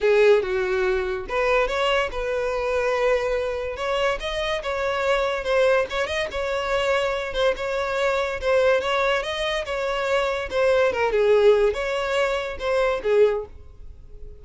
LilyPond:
\new Staff \with { instrumentName = "violin" } { \time 4/4 \tempo 4 = 143 gis'4 fis'2 b'4 | cis''4 b'2.~ | b'4 cis''4 dis''4 cis''4~ | cis''4 c''4 cis''8 dis''8 cis''4~ |
cis''4. c''8 cis''2 | c''4 cis''4 dis''4 cis''4~ | cis''4 c''4 ais'8 gis'4. | cis''2 c''4 gis'4 | }